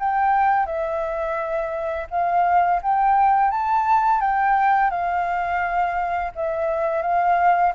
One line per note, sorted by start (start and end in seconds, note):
0.00 0.66 G5
0.66 2.08 E5
2.10 2.81 F5
2.83 3.51 G5
3.51 4.21 A5
4.21 4.91 G5
4.91 6.32 F5
6.36 7.02 E5
7.02 7.73 F5